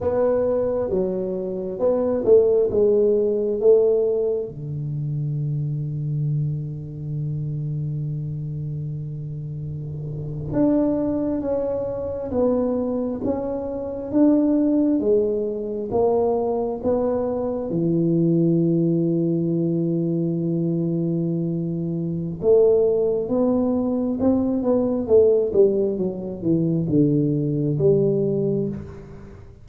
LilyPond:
\new Staff \with { instrumentName = "tuba" } { \time 4/4 \tempo 4 = 67 b4 fis4 b8 a8 gis4 | a4 d2.~ | d2.~ d8. d'16~ | d'8. cis'4 b4 cis'4 d'16~ |
d'8. gis4 ais4 b4 e16~ | e1~ | e4 a4 b4 c'8 b8 | a8 g8 fis8 e8 d4 g4 | }